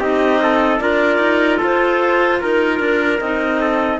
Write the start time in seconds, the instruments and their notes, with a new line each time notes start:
0.00 cello C4, clarinet D#4 D#5, trumpet G4
0.43 trumpet A4
0.79 cello D4, clarinet F4 D5, trumpet A#4
1.18 cello D#4
1.58 cello F4, trumpet A4
1.64 clarinet C5
2.41 cello D#4, trumpet A#4, clarinet A#4
2.80 cello D4
3.20 cello C4, clarinet D#4 D#5
3.61 trumpet A4